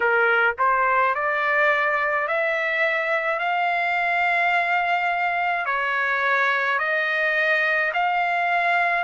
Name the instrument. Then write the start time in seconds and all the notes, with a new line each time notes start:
trumpet
0.00 A#4
0.58 C5
1.14 D5
2.27 E5
3.39 F5
5.65 C#5
6.78 D#5
7.93 F5